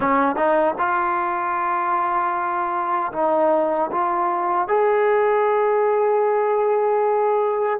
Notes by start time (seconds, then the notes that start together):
0.00 C#4
0.35 D#4
0.78 F4
3.12 D#4
3.91 F4
4.68 G#4